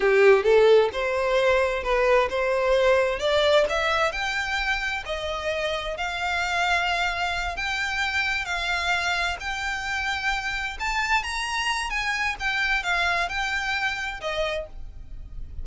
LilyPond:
\new Staff \with { instrumentName = "violin" } { \time 4/4 \tempo 4 = 131 g'4 a'4 c''2 | b'4 c''2 d''4 | e''4 g''2 dis''4~ | dis''4 f''2.~ |
f''8 g''2 f''4.~ | f''8 g''2. a''8~ | a''8 ais''4. gis''4 g''4 | f''4 g''2 dis''4 | }